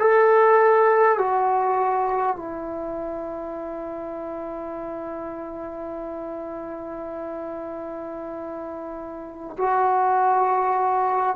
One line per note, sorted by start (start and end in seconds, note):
0.00 1.19 A4
1.19 2.37 F#4
2.37 9.57 E4
9.58 11.37 F#4